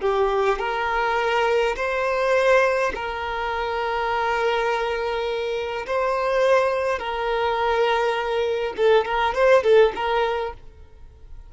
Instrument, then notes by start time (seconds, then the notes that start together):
violin
0.00 G4
0.59 A#4
1.76 C5
2.94 A#4
5.86 C5
6.98 A#4
8.76 A4
9.05 A#4
9.34 C5
9.63 A4
9.95 A#4